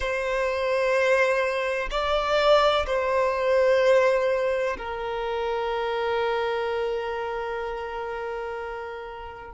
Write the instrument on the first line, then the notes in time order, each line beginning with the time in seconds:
violin
0.00 C5
1.90 D5
2.86 C5
4.77 A#4